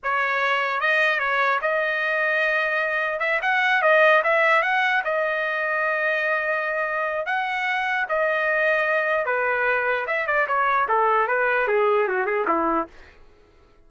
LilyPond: \new Staff \with { instrumentName = "trumpet" } { \time 4/4 \tempo 4 = 149 cis''2 dis''4 cis''4 | dis''1 | e''8 fis''4 dis''4 e''4 fis''8~ | fis''8 dis''2.~ dis''8~ |
dis''2 fis''2 | dis''2. b'4~ | b'4 e''8 d''8 cis''4 a'4 | b'4 gis'4 fis'8 gis'8 e'4 | }